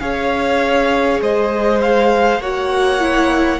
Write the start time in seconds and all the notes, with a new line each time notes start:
0.00 C#4 G#4 C#5 F5
1.21 G#3 C5 D#5
1.82 F5
2.40 A#3 F#4 C#5 F#5
3.00 E4